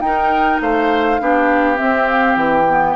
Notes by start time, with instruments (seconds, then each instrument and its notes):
0.00 bassoon D#4, clarinet D#4, flute G5
0.06 oboe A#4
0.61 bassoon A3, oboe C5, flute F5
1.20 bassoon B3, clarinet D4, oboe G4
1.76 clarinet C4, bassoon C4, flute E5
2.07 flute F5
2.36 bassoon E3, flute G5
2.70 clarinet B3